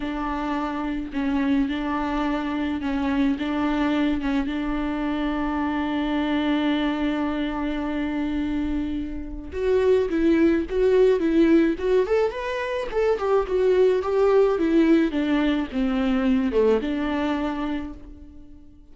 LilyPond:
\new Staff \with { instrumentName = "viola" } { \time 4/4 \tempo 4 = 107 d'2 cis'4 d'4~ | d'4 cis'4 d'4. cis'8 | d'1~ | d'1~ |
d'4 fis'4 e'4 fis'4 | e'4 fis'8 a'8 b'4 a'8 g'8 | fis'4 g'4 e'4 d'4 | c'4. a8 d'2 | }